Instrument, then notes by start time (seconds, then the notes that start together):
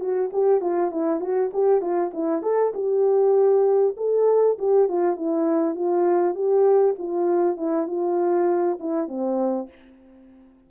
horn
0.00 F#4
0.33 G4
0.61 F4
0.91 E4
1.20 F#4
1.53 G4
1.81 F4
2.13 E4
2.42 A4
2.74 G4
3.97 A4
4.58 G4
4.88 F4
5.17 E4
5.75 F4
6.35 G4
6.98 F4
7.57 E4
7.87 F4
8.80 E4
9.08 C4